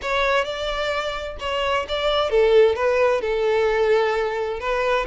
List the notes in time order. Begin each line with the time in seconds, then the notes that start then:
0.02 C#5
0.44 D5
1.39 C#5
1.88 D5
2.30 A4
2.75 B4
3.21 A4
4.59 B4